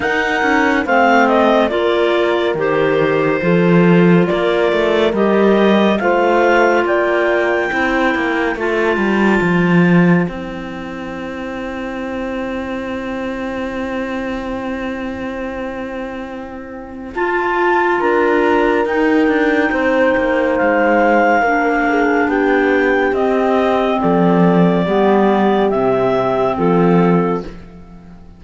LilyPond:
<<
  \new Staff \with { instrumentName = "clarinet" } { \time 4/4 \tempo 4 = 70 fis''4 f''8 dis''8 d''4 c''4~ | c''4 d''4 dis''4 f''4 | g''2 a''2 | g''1~ |
g''1 | a''4 ais''4 g''2 | f''2 g''4 dis''4 | d''2 e''4 a'4 | }
  \new Staff \with { instrumentName = "horn" } { \time 4/4 ais'4 c''4 ais'2 | a'4 ais'2 c''4 | d''4 c''2.~ | c''1~ |
c''1~ | c''4 ais'2 c''4~ | c''4 ais'8 gis'8 g'2 | a'4 g'2 f'4 | }
  \new Staff \with { instrumentName = "clarinet" } { \time 4/4 dis'4 c'4 f'4 g'4 | f'2 g'4 f'4~ | f'4 e'4 f'2 | e'1~ |
e'1 | f'2 dis'2~ | dis'4 d'2 c'4~ | c'4 b4 c'2 | }
  \new Staff \with { instrumentName = "cello" } { \time 4/4 dis'8 cis'8 a4 ais4 dis4 | f4 ais8 a8 g4 a4 | ais4 c'8 ais8 a8 g8 f4 | c'1~ |
c'1 | f'4 d'4 dis'8 d'8 c'8 ais8 | gis4 ais4 b4 c'4 | f4 g4 c4 f4 | }
>>